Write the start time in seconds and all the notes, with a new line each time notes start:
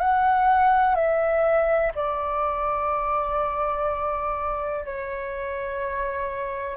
0.00 F#5
0.95 E5
1.95 D5
4.85 C#5